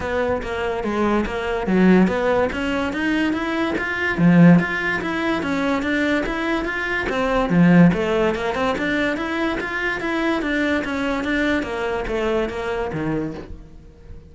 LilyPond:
\new Staff \with { instrumentName = "cello" } { \time 4/4 \tempo 4 = 144 b4 ais4 gis4 ais4 | fis4 b4 cis'4 dis'4 | e'4 f'4 f4 f'4 | e'4 cis'4 d'4 e'4 |
f'4 c'4 f4 a4 | ais8 c'8 d'4 e'4 f'4 | e'4 d'4 cis'4 d'4 | ais4 a4 ais4 dis4 | }